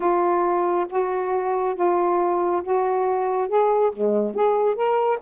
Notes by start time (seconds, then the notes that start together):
0.00 F4
0.89 F#4
1.75 F4
2.63 F#4
3.48 G#4
3.92 G#3
4.34 G#4
4.75 A#4